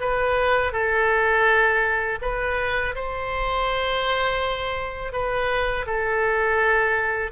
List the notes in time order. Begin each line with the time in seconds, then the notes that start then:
0.00 B4
0.73 A4
2.22 B4
2.95 C5
5.12 B4
5.86 A4